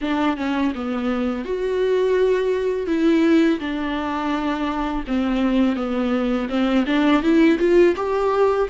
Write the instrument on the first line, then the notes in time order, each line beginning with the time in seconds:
viola
0.01 D4
0.36 C#4
0.74 B3
1.45 F#4
2.87 E4
3.59 D4
5.07 C4
5.76 B3
6.49 C4
6.86 D4
7.22 E4
7.59 F4
7.96 G4